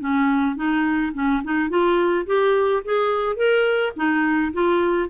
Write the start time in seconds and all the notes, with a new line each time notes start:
0.00 C#4
0.56 D#4
1.14 C#4
1.44 D#4
1.70 F4
2.27 G4
2.85 G#4
3.36 A#4
3.96 D#4
4.53 F4